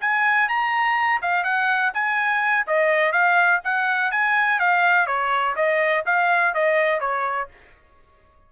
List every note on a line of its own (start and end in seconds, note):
0.00 0.48 G#5
0.48 1.21 A#5
1.22 1.43 F5
1.43 1.92 F#5
1.93 2.66 G#5
2.66 3.12 D#5
3.12 3.60 F5
3.64 4.11 F#5
4.11 4.59 G#5
4.59 5.06 F5
5.06 5.54 C#5
5.55 6.04 D#5
6.05 6.54 F5
6.54 7.00 D#5
7.00 7.48 C#5